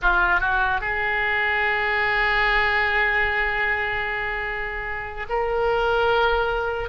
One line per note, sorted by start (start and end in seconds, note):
0.02 0.40 F4
0.40 0.80 F#4
0.81 5.27 G#4
5.29 6.89 A#4